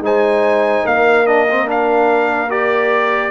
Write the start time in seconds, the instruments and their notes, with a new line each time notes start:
0.00 tuba G#3, trombone D#4, horn C5, trumpet G#5
0.84 tuba A#3, horn A#4, trumpet F5
1.26 trombone D4, trumpet D#5
1.51 trombone C4
1.66 trombone D4, trumpet F5
2.49 trombone G4, trumpet D5